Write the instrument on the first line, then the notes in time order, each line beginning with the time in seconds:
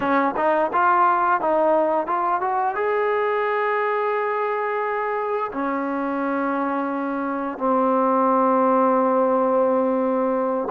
trombone
0.00 C#4
0.36 D#4
0.72 F4
1.40 D#4
2.06 F4
2.40 F#4
2.75 G#4
5.52 C#4
7.58 C4